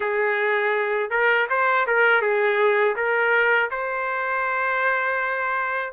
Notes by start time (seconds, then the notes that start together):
0.00 G#4
1.10 A#4
1.49 C5
1.86 A#4
2.21 G#4
2.96 A#4
3.70 C5